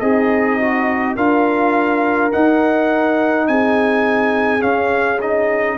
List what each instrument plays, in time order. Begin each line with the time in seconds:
0.00 tuba C4, horn D#4, trombone G#4, trumpet D#5
0.60 trombone F#4
1.16 tuba D4, trombone F4, horn A#4, trumpet F5
2.32 trombone D#4, tuba D#4, trumpet F#5
3.47 tuba C4, horn G#4, trumpet G#5
4.59 trombone C#4, tuba C#4, trumpet F5
5.21 trombone D#4, trumpet D#5